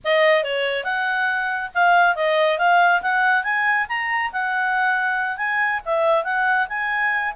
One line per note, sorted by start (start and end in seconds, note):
0.04 0.43 D#5
0.43 0.84 C#5
0.84 1.70 F#5
1.74 2.15 F5
2.15 2.58 D#5
2.58 3.01 F5
3.02 3.43 F#5
3.43 3.86 G#5
3.88 4.31 A#5
4.32 5.37 F#5
5.37 5.80 G#5
5.85 6.24 E5
6.24 6.67 F#5
6.68 7.33 G#5